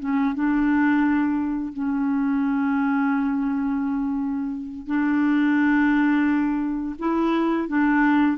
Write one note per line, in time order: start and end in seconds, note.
0.00 0.35 C#4
0.35 1.73 D4
1.73 4.87 C#4
4.87 6.96 D4
6.99 7.68 E4
7.68 8.38 D4